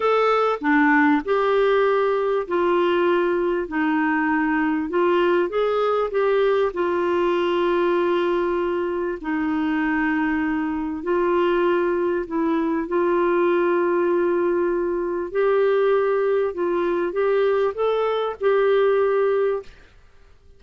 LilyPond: \new Staff \with { instrumentName = "clarinet" } { \time 4/4 \tempo 4 = 98 a'4 d'4 g'2 | f'2 dis'2 | f'4 gis'4 g'4 f'4~ | f'2. dis'4~ |
dis'2 f'2 | e'4 f'2.~ | f'4 g'2 f'4 | g'4 a'4 g'2 | }